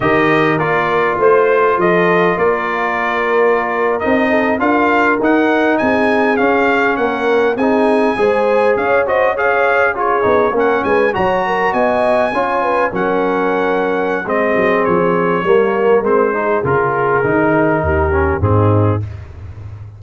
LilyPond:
<<
  \new Staff \with { instrumentName = "trumpet" } { \time 4/4 \tempo 4 = 101 dis''4 d''4 c''4 dis''4 | d''2~ d''8. dis''4 f''16~ | f''8. fis''4 gis''4 f''4 fis''16~ | fis''8. gis''2 f''8 dis''8 f''16~ |
f''8. cis''4 fis''8 gis''8 ais''4 gis''16~ | gis''4.~ gis''16 fis''2~ fis''16 | dis''4 cis''2 c''4 | ais'2. gis'4 | }
  \new Staff \with { instrumentName = "horn" } { \time 4/4 ais'2 c''4 a'4 | ais'2.~ ais'16 a'8 ais'16~ | ais'4.~ ais'16 gis'2 ais'16~ | ais'8. gis'4 c''4 cis''8 c''8 cis''16~ |
cis''8. gis'4 ais'8 b'8 cis''8 ais'8 dis''16~ | dis''8. cis''8 b'8 ais'2~ ais'16 | gis'2 ais'4. gis'8~ | gis'2 g'4 dis'4 | }
  \new Staff \with { instrumentName = "trombone" } { \time 4/4 g'4 f'2.~ | f'2~ f'8. dis'4 f'16~ | f'8. dis'2 cis'4~ cis'16~ | cis'8. dis'4 gis'4. fis'8 gis'16~ |
gis'8. f'8 dis'8 cis'4 fis'4~ fis'16~ | fis'8. f'4 cis'2~ cis'16 | c'2 ais4 c'8 dis'8 | f'4 dis'4. cis'8 c'4 | }
  \new Staff \with { instrumentName = "tuba" } { \time 4/4 dis4 ais4 a4 f4 | ais2~ ais8. c'4 d'16~ | d'8. dis'4 c'4 cis'4 ais16~ | ais8. c'4 gis4 cis'4~ cis'16~ |
cis'4~ cis'16 b8 ais8 gis8 fis4 b16~ | b8. cis'4 fis2~ fis16 | gis8 fis8 f4 g4 gis4 | cis4 dis4 dis,4 gis,4 | }
>>